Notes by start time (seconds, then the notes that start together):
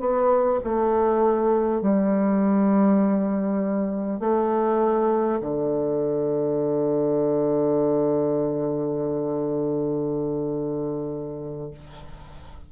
0.00 B3
0.64 A3
1.82 G3
4.20 A3
5.41 D3